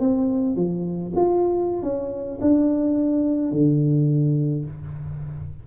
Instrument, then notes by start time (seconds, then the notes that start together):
tuba
0.00 C4
0.56 F3
1.16 F4
1.82 C#4
2.41 D4
3.52 D3